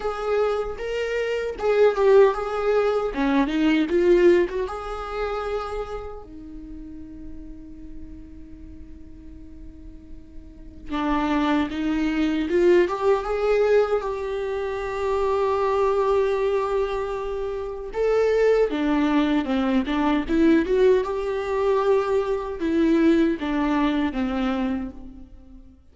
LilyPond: \new Staff \with { instrumentName = "viola" } { \time 4/4 \tempo 4 = 77 gis'4 ais'4 gis'8 g'8 gis'4 | cis'8 dis'8 f'8. fis'16 gis'2 | dis'1~ | dis'2 d'4 dis'4 |
f'8 g'8 gis'4 g'2~ | g'2. a'4 | d'4 c'8 d'8 e'8 fis'8 g'4~ | g'4 e'4 d'4 c'4 | }